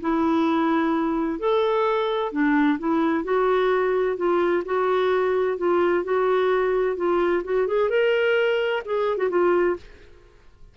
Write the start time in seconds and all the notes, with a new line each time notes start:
0.00 E4
1.39 A4
2.32 D4
2.79 E4
3.24 F#4
4.16 F4
4.65 F#4
5.57 F4
6.04 F#4
6.96 F4
7.44 F#4
7.67 G#4
7.89 A#4
8.85 G#4
9.17 F#4
9.30 F4